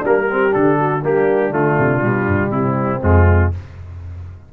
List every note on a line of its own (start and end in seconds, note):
0.00 0.54 G3
0.00 0.25 D4
0.00 0.54 A#4
0.07 0.30 A#3
0.30 0.51 C4
0.30 0.79 G4
0.51 1.04 D3
0.51 1.00 D4
0.51 1.03 A4
0.79 1.03 F#4
1.03 1.51 G3
1.03 1.51 A#3
1.03 2.51 D4
1.03 1.54 G4
1.51 1.76 D3
1.51 2.00 A3
1.51 2.51 F4
1.79 2.03 C3
2.01 2.27 B2
2.01 3.00 G3
2.27 2.51 G2
2.51 3.00 C3
2.51 3.52 C4
2.51 3.01 E4
3.03 3.52 F2
3.03 3.52 G#3
3.03 3.53 F4